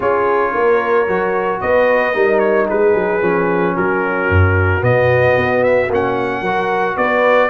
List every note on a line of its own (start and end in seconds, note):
0.00 0.54 C#4
0.00 1.07 F4
0.00 0.52 G#4
0.00 1.60 C#5
0.54 1.07 A#3
0.54 1.61 A#4
1.07 1.61 F#3
1.07 2.13 F#4
1.60 2.15 B3
1.60 2.14 B4
1.60 2.39 D#5
2.13 2.68 G3
2.13 3.20 D#4
2.13 2.67 A#4
2.39 2.66 C#5
2.67 2.94 G#3
2.67 3.74 G#4
2.67 3.76 B4
2.94 3.21 F#3
3.21 3.75 F3
3.21 4.80 C#4
3.76 4.29 F#3
3.76 6.41 F#4
3.76 4.83 A#4
4.29 4.82 F#2
4.80 5.36 B2
4.80 5.87 B3
4.80 5.63 D#5
5.37 5.88 B3
5.63 5.90 E5
5.88 6.41 A#3
5.88 6.45 C#4
5.88 6.97 F#5
6.41 6.94 F#3
6.41 7.49 F#4
6.41 6.95 A#4
6.95 7.49 B3
6.95 7.49 B4
6.95 7.49 D5